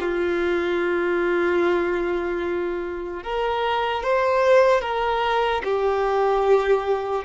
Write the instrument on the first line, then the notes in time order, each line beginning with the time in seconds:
violin
0.00 F4
3.23 A#4
4.03 C5
4.81 A#4
5.64 G4